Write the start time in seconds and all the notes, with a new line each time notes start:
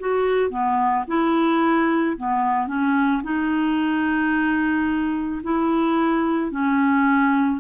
0.00 F#4
0.51 B3
1.08 E4
2.17 B3
2.68 C#4
3.24 D#4
5.43 E4
6.52 C#4